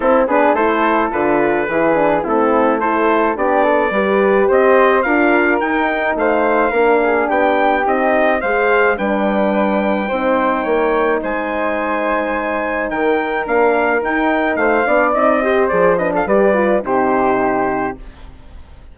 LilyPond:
<<
  \new Staff \with { instrumentName = "trumpet" } { \time 4/4 \tempo 4 = 107 a'8 b'8 c''4 b'2 | a'4 c''4 d''2 | dis''4 f''4 g''4 f''4~ | f''4 g''4 dis''4 f''4 |
g''1 | gis''2. g''4 | f''4 g''4 f''4 dis''4 | d''8 dis''16 f''16 d''4 c''2 | }
  \new Staff \with { instrumentName = "flute" } { \time 4/4 e'8 gis'8 a'2 gis'4 | e'4 a'4 g'8 a'8 b'4 | c''4 ais'2 c''4 | ais'8 gis'8 g'2 c''4 |
b'2 c''4 cis''4 | c''2. ais'4~ | ais'2 c''8 d''4 c''8~ | c''8 b'16 a'16 b'4 g'2 | }
  \new Staff \with { instrumentName = "horn" } { \time 4/4 c'8 d'8 e'4 f'4 e'8 d'8 | c'4 e'4 d'4 g'4~ | g'4 f'4 dis'2 | d'2 dis'4 gis'4 |
d'2 dis'2~ | dis'1 | d'4 dis'4. d'8 dis'8 g'8 | gis'8 d'8 g'8 f'8 dis'2 | }
  \new Staff \with { instrumentName = "bassoon" } { \time 4/4 c'8 b8 a4 d4 e4 | a2 b4 g4 | c'4 d'4 dis'4 a4 | ais4 b4 c'4 gis4 |
g2 c'4 ais4 | gis2. dis4 | ais4 dis'4 a8 b8 c'4 | f4 g4 c2 | }
>>